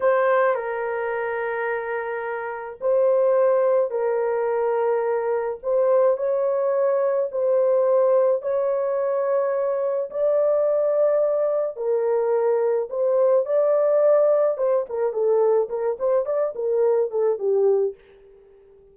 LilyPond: \new Staff \with { instrumentName = "horn" } { \time 4/4 \tempo 4 = 107 c''4 ais'2.~ | ais'4 c''2 ais'4~ | ais'2 c''4 cis''4~ | cis''4 c''2 cis''4~ |
cis''2 d''2~ | d''4 ais'2 c''4 | d''2 c''8 ais'8 a'4 | ais'8 c''8 d''8 ais'4 a'8 g'4 | }